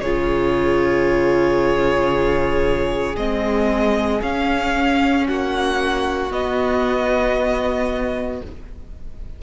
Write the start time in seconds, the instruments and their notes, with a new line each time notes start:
0.00 cello C#3, viola F4, violin G#4 C#5
3.16 cello G#3, viola C4, violin D#5
4.22 cello C#4, viola C#4, violin F5
5.27 cello A#3, violin F#4 F#5
6.30 viola B3, cello B3, violin D#5